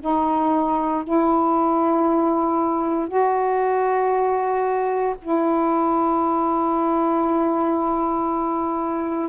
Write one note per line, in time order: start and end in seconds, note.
0.00 1.03 D#4
1.03 3.08 E4
3.08 5.14 F#4
5.21 9.29 E4